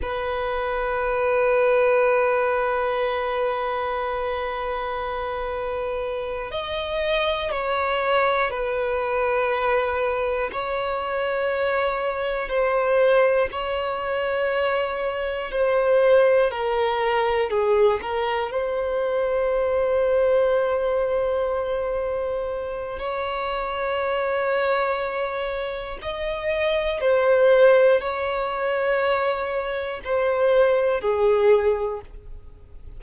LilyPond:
\new Staff \with { instrumentName = "violin" } { \time 4/4 \tempo 4 = 60 b'1~ | b'2~ b'8 dis''4 cis''8~ | cis''8 b'2 cis''4.~ | cis''8 c''4 cis''2 c''8~ |
c''8 ais'4 gis'8 ais'8 c''4.~ | c''2. cis''4~ | cis''2 dis''4 c''4 | cis''2 c''4 gis'4 | }